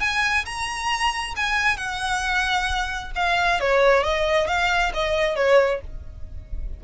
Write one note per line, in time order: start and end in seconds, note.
0.00 0.45 G#5
0.45 1.35 A#5
1.36 1.77 G#5
1.77 3.11 F#5
3.15 3.60 F5
3.60 4.03 C#5
4.03 4.47 D#5
4.47 4.92 F5
4.94 5.36 D#5
5.36 5.80 C#5